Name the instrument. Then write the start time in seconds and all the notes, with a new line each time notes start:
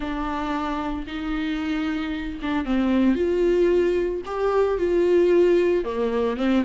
viola
0.00 D4
1.06 D#4
2.42 D4
2.65 C4
3.15 F4
4.25 G4
4.78 F4
5.84 A#3
6.36 C4